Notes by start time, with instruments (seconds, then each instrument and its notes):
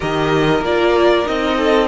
0.00 cello D#3, viola G4, violin A#4 D#5
0.60 cello A#3, viola F4, violin D5
1.25 cello C4, viola D#4, violin D#5
1.56 violin A4